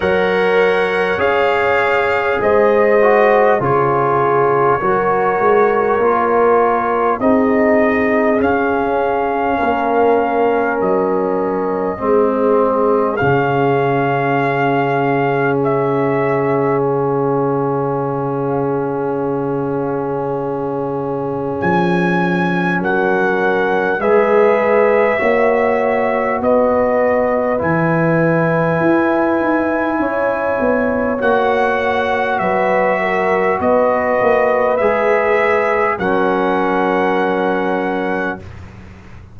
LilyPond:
<<
  \new Staff \with { instrumentName = "trumpet" } { \time 4/4 \tempo 4 = 50 fis''4 f''4 dis''4 cis''4~ | cis''2 dis''4 f''4~ | f''4 dis''2 f''4~ | f''4 e''4 f''2~ |
f''2 gis''4 fis''4 | e''2 dis''4 gis''4~ | gis''2 fis''4 e''4 | dis''4 e''4 fis''2 | }
  \new Staff \with { instrumentName = "horn" } { \time 4/4 cis''2 c''4 gis'4 | ais'2 gis'2 | ais'2 gis'2~ | gis'1~ |
gis'2. ais'4 | b'4 cis''4 b'2~ | b'4 cis''2 b'8 ais'8 | b'2 ais'2 | }
  \new Staff \with { instrumentName = "trombone" } { \time 4/4 ais'4 gis'4. fis'8 f'4 | fis'4 f'4 dis'4 cis'4~ | cis'2 c'4 cis'4~ | cis'1~ |
cis'1 | gis'4 fis'2 e'4~ | e'2 fis'2~ | fis'4 gis'4 cis'2 | }
  \new Staff \with { instrumentName = "tuba" } { \time 4/4 fis4 cis'4 gis4 cis4 | fis8 gis8 ais4 c'4 cis'4 | ais4 fis4 gis4 cis4~ | cis1~ |
cis2 f4 fis4 | gis4 ais4 b4 e4 | e'8 dis'8 cis'8 b8 ais4 fis4 | b8 ais8 gis4 fis2 | }
>>